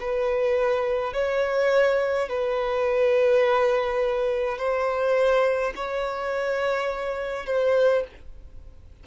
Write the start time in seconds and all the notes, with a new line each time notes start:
0.00 B4
1.13 C#5
2.29 B4
4.58 C5
5.75 C#5
7.46 C5